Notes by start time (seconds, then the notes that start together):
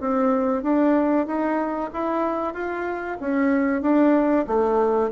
0.00 C4
0.63 D4
1.26 D#4
1.93 E4
2.54 F4
3.20 C#4
3.82 D4
4.47 A3